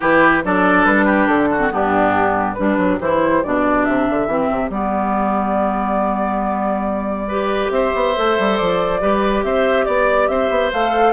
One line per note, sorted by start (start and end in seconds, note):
0.00 0.44 E3
0.00 0.43 E4
0.00 0.43 G4
0.00 0.44 B4
0.44 0.85 F#3
0.44 1.58 D4
0.44 1.05 A4
0.44 0.85 D5
0.85 1.27 G3
0.85 1.27 B4
1.05 1.48 G4
1.27 1.70 D3
1.27 1.70 A4
1.51 1.72 F#4
1.58 1.69 C4
1.70 2.57 G2
1.70 2.55 B3
1.70 2.58 D4
1.70 2.54 G4
2.54 2.77 G3
2.54 3.00 D4
2.54 7.27 G4
2.54 2.97 B4
2.77 2.99 F#3
3.00 3.42 E3
3.00 3.43 E4
3.00 3.43 C5
3.43 3.88 B2
3.43 4.28 D4
3.43 3.84 D5
3.84 4.09 C3
3.84 4.70 E5
4.09 4.27 D3
4.27 4.48 E3
4.27 4.70 C4
4.51 4.69 C3
4.69 7.69 G3
4.69 7.28 B3
4.69 7.71 D5
7.27 8.15 G4
7.27 7.70 B4
7.70 7.91 C4
7.70 9.01 C5
7.70 8.56 E5
7.94 8.16 B3
8.15 8.38 A3
8.15 9.00 A4
8.38 8.60 G3
8.56 9.01 F3
8.56 9.42 D5
9.00 9.43 G3
9.00 10.71 G4
9.00 9.44 B4
9.43 9.86 C4
9.43 9.85 C5
9.43 9.85 E5
9.85 10.28 B3
9.85 10.27 D5
9.85 10.28 D5
10.27 10.49 C4
10.27 11.12 C5
10.27 10.70 E5
10.49 10.71 B3
10.72 11.12 A3
10.72 11.12 A4
10.72 11.12 F5